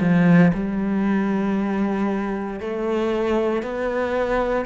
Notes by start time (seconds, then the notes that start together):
0.00 F3
0.53 G3
2.60 A3
3.62 B3